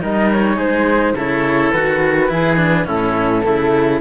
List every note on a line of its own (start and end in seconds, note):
0.00 0.57 G3
0.00 1.14 D#4
0.00 0.56 A#4
0.00 0.31 D#5
0.31 0.60 C#5
0.56 1.14 G#3
0.56 1.13 G#4
0.56 1.17 C5
1.14 1.71 C#3
1.14 1.74 E4
1.14 2.29 A4
1.14 1.71 C#5
1.71 2.29 D#3
1.71 2.29 F#4
1.71 2.85 B4
2.29 2.86 E3
2.29 2.56 E4
2.29 2.87 G#4
2.56 2.85 D4
2.85 3.45 A2
2.85 3.42 C#4
2.85 3.43 E4
2.85 4.00 A4
3.43 4.00 C#3
3.43 4.00 A3
3.43 4.00 E4